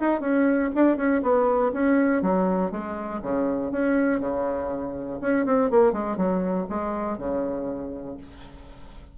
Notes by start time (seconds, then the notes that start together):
0.00 D#4
0.20 C#4
0.75 D4
0.96 C#4
1.22 B3
1.73 C#4
2.22 F#3
2.71 G#3
3.22 C#3
3.71 C#4
4.20 C#3
5.21 C#4
5.46 C4
5.70 A#3
5.92 G#3
6.17 F#3
6.69 G#3
7.18 C#3